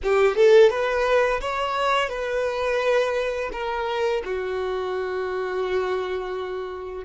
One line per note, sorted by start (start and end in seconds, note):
0.03 0.35 G4
0.35 0.70 A4
0.70 1.40 B4
1.41 2.09 C#5
2.09 3.50 B4
3.52 4.23 A#4
4.24 7.04 F#4